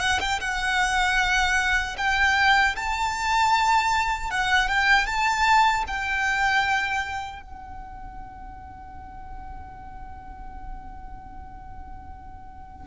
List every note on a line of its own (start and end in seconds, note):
0.00 0.19 F#5
0.20 0.40 G5
0.40 1.96 F#5
1.98 2.76 G5
2.76 4.30 A5
4.30 4.68 F#5
4.68 5.06 G5
5.06 5.84 A5
5.88 7.42 G5
7.42 12.87 F#5